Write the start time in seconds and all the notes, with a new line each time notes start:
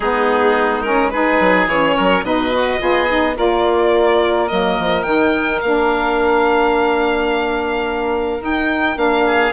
0.00 G#3 B3 D#4 G#4
0.82 C#4 A#4
1.10 D#4 G#4 B4
1.40 F#3
1.67 E3 C#4 C#5
1.96 F#3 A#4
2.23 B2 D#4 B4 D#5
2.52 F#4
2.78 B3 F4 G#4
3.08 D#4
3.35 A#3 F4 A#4 D5
4.47 F#3 A#3 D#5
4.79 F3
5.03 D#3 D#4 G5
5.61 A#3 D4 F5
8.39 D#4 G5
8.95 A#3 D4 F5
9.26 G#4